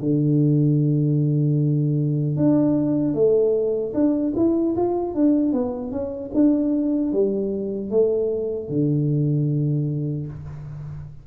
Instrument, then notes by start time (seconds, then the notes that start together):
tuba
0.00 D3
2.36 D4
3.14 A3
3.94 D4
4.36 E4
4.76 F4
5.14 D4
5.52 B3
5.91 C#4
6.34 D4
7.13 G3
7.90 A3
8.69 D3